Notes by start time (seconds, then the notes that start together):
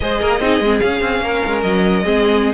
0.00 G#3 G#4 C5 D#5
0.20 A#3 A#4
0.40 C4 D#4 G#4
0.60 G#3 C4
0.79 C#4 F5
1.00 C4
1.20 A#3 A#4
1.45 G#3
1.61 F#3 D#5
2.03 G#3 C4 G#4